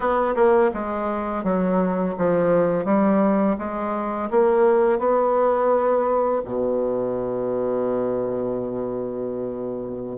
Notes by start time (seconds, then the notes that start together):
0.00 B3
0.35 A#3
0.73 G#3
1.43 F#3
2.17 F3
2.84 G3
3.58 G#3
4.30 A#3
4.98 B3
6.44 B2